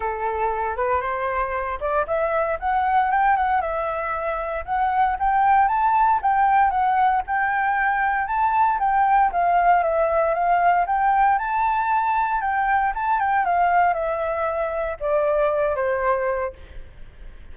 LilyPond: \new Staff \with { instrumentName = "flute" } { \time 4/4 \tempo 4 = 116 a'4. b'8 c''4. d''8 | e''4 fis''4 g''8 fis''8 e''4~ | e''4 fis''4 g''4 a''4 | g''4 fis''4 g''2 |
a''4 g''4 f''4 e''4 | f''4 g''4 a''2 | g''4 a''8 g''8 f''4 e''4~ | e''4 d''4. c''4. | }